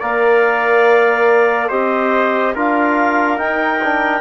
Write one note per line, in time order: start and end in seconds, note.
0.00 1.71 A#3
0.00 1.70 A#4
0.00 1.69 D5
0.00 1.70 F5
1.69 2.55 C4
1.69 2.54 G4
1.69 2.53 C5
1.69 2.55 D#5
2.55 3.40 D4
2.55 3.37 F4
2.55 4.21 A#4
2.55 3.39 F5
3.37 3.80 D#4
3.37 4.21 D#4
3.37 4.21 G5
3.84 4.21 D4